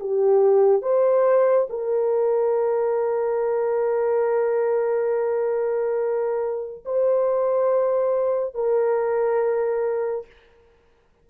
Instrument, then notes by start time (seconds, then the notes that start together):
horn
0.00 G4
0.82 C5
1.70 A#4
6.85 C5
8.55 A#4